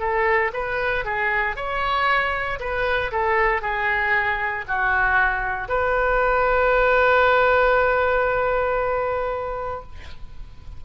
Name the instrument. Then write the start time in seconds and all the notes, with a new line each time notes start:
oboe
0.00 A4
0.54 B4
1.05 G#4
1.56 C#5
2.60 B4
3.12 A4
3.62 G#4
4.68 F#4
5.69 B4